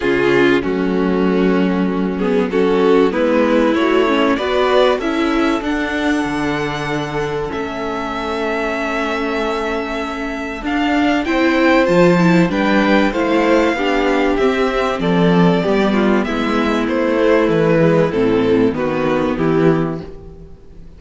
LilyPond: <<
  \new Staff \with { instrumentName = "violin" } { \time 4/4 \tempo 4 = 96 gis'4 fis'2~ fis'8 gis'8 | a'4 b'4 cis''4 d''4 | e''4 fis''2. | e''1~ |
e''4 f''4 g''4 a''4 | g''4 f''2 e''4 | d''2 e''4 c''4 | b'4 a'4 b'4 g'4 | }
  \new Staff \with { instrumentName = "violin" } { \time 4/4 f'4 cis'2. | fis'4 e'2 b'4 | a'1~ | a'1~ |
a'2 c''2 | b'4 c''4 g'2 | a'4 g'8 f'8 e'2~ | e'2 fis'4 e'4 | }
  \new Staff \with { instrumentName = "viola" } { \time 4/4 cis'4 a2~ a8 b8 | cis'4 b4 fis'8 cis'8 fis'4 | e'4 d'2. | cis'1~ |
cis'4 d'4 e'4 f'8 e'8 | d'4 e'4 d'4 c'4~ | c'4 b2~ b8 a8~ | a8 gis8 c'4 b2 | }
  \new Staff \with { instrumentName = "cello" } { \time 4/4 cis4 fis2.~ | fis4 gis4 a4 b4 | cis'4 d'4 d2 | a1~ |
a4 d'4 c'4 f4 | g4 a4 b4 c'4 | f4 g4 gis4 a4 | e4 a,4 dis4 e4 | }
>>